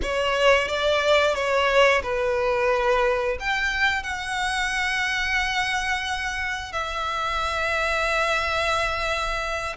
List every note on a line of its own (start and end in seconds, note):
0.02 0.68 C#5
0.68 1.34 D5
1.34 2.02 C#5
2.03 3.37 B4
3.39 4.03 G5
4.03 6.72 F#5
6.72 9.76 E5